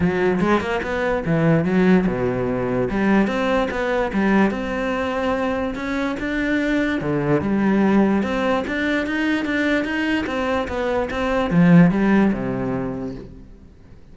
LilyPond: \new Staff \with { instrumentName = "cello" } { \time 4/4 \tempo 4 = 146 fis4 gis8 ais8 b4 e4 | fis4 b,2 g4 | c'4 b4 g4 c'4~ | c'2 cis'4 d'4~ |
d'4 d4 g2 | c'4 d'4 dis'4 d'4 | dis'4 c'4 b4 c'4 | f4 g4 c2 | }